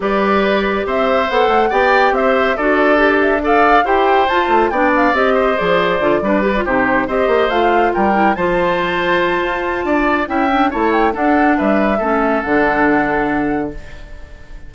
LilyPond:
<<
  \new Staff \with { instrumentName = "flute" } { \time 4/4 \tempo 4 = 140 d''2 e''4 fis''4 | g''4 e''4 d''4. e''8 | f''4 g''4 a''4 g''8 f''8 | dis''4 d''2~ d''8 c''8~ |
c''8 dis''4 f''4 g''4 a''8~ | a''1 | g''4 a''8 g''8 fis''4 e''4~ | e''4 fis''2. | }
  \new Staff \with { instrumentName = "oboe" } { \time 4/4 b'2 c''2 | d''4 c''4 a'2 | d''4 c''2 d''4~ | d''8 c''2 b'4 g'8~ |
g'8 c''2 ais'4 c''8~ | c''2. d''4 | e''4 cis''4 a'4 b'4 | a'1 | }
  \new Staff \with { instrumentName = "clarinet" } { \time 4/4 g'2. a'4 | g'2 fis'4 g'4 | a'4 g'4 f'4 d'4 | g'4 gis'4 f'8 d'8 g'16 f'16 dis'8~ |
dis'8 g'4 f'4. e'8 f'8~ | f'1 | e'8 d'8 e'4 d'2 | cis'4 d'2. | }
  \new Staff \with { instrumentName = "bassoon" } { \time 4/4 g2 c'4 b8 a8 | b4 c'4 d'2~ | d'4 e'4 f'8 a8 b4 | c'4 f4 d8 g4 c8~ |
c8 c'8 ais8 a4 g4 f8~ | f2 f'4 d'4 | cis'4 a4 d'4 g4 | a4 d2. | }
>>